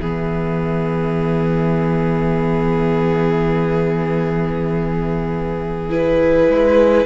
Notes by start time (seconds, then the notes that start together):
0.00 E3 B3 G#4 E5
5.90 E4 B4
6.49 G#3